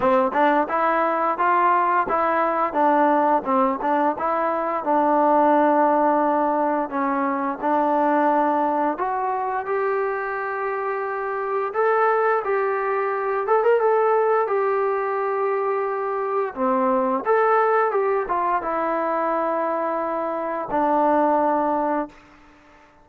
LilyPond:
\new Staff \with { instrumentName = "trombone" } { \time 4/4 \tempo 4 = 87 c'8 d'8 e'4 f'4 e'4 | d'4 c'8 d'8 e'4 d'4~ | d'2 cis'4 d'4~ | d'4 fis'4 g'2~ |
g'4 a'4 g'4. a'16 ais'16 | a'4 g'2. | c'4 a'4 g'8 f'8 e'4~ | e'2 d'2 | }